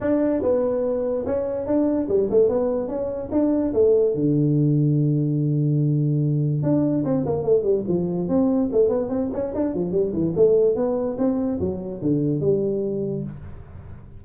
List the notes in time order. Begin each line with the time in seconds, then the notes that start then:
0.01 D4
0.42 B3
1.26 C#4
1.66 D4
2.08 G3
2.30 A3
2.48 B3
2.87 C#4
3.31 D4
3.73 A3
4.14 D3
6.63 D4
7.04 C4
7.25 A#3
7.43 A3
7.63 G3
7.88 F3
8.28 C4
8.72 A3
8.89 B3
9.09 C4
9.33 C#4
9.54 D4
9.74 F3
9.91 G3
10.12 E3
10.35 A3
10.75 B3
11.17 C4
11.60 F#3
12.01 D3
12.40 G3